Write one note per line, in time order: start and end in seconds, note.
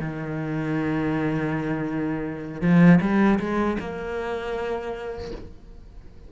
0.00 2.62 D#3
2.62 3.00 F3
3.01 3.39 G3
3.39 3.77 G#3
3.79 5.31 A#3